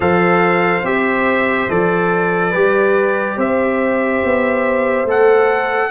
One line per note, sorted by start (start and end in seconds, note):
0.00 0.82 F3
0.00 0.83 A4
0.00 2.50 C5
0.00 0.85 F5
0.82 1.67 C4
0.82 1.69 G4
0.82 1.70 E5
1.69 2.54 F3
1.69 2.53 A4
1.69 3.39 D5
2.50 3.37 G3
2.50 5.06 G4
2.50 3.34 B4
3.36 4.21 C4
3.36 5.90 C5
3.36 5.08 E5
4.24 5.05 B3
5.05 5.89 A3
5.05 5.90 A4
5.05 5.90 F#5